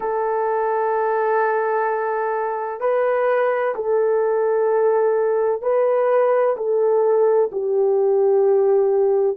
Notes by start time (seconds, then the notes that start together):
0.00 A4
2.80 B4
3.75 A4
5.62 B4
6.56 A4
7.52 G4